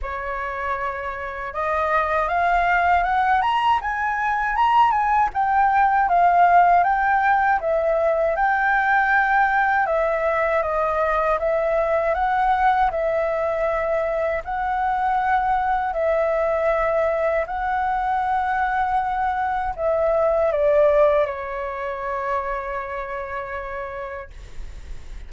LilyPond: \new Staff \with { instrumentName = "flute" } { \time 4/4 \tempo 4 = 79 cis''2 dis''4 f''4 | fis''8 ais''8 gis''4 ais''8 gis''8 g''4 | f''4 g''4 e''4 g''4~ | g''4 e''4 dis''4 e''4 |
fis''4 e''2 fis''4~ | fis''4 e''2 fis''4~ | fis''2 e''4 d''4 | cis''1 | }